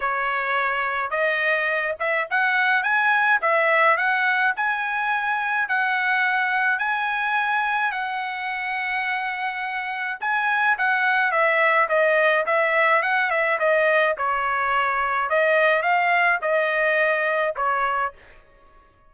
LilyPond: \new Staff \with { instrumentName = "trumpet" } { \time 4/4 \tempo 4 = 106 cis''2 dis''4. e''8 | fis''4 gis''4 e''4 fis''4 | gis''2 fis''2 | gis''2 fis''2~ |
fis''2 gis''4 fis''4 | e''4 dis''4 e''4 fis''8 e''8 | dis''4 cis''2 dis''4 | f''4 dis''2 cis''4 | }